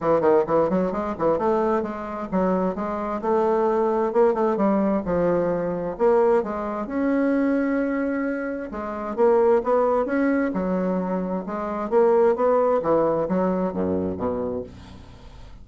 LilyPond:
\new Staff \with { instrumentName = "bassoon" } { \time 4/4 \tempo 4 = 131 e8 dis8 e8 fis8 gis8 e8 a4 | gis4 fis4 gis4 a4~ | a4 ais8 a8 g4 f4~ | f4 ais4 gis4 cis'4~ |
cis'2. gis4 | ais4 b4 cis'4 fis4~ | fis4 gis4 ais4 b4 | e4 fis4 fis,4 b,4 | }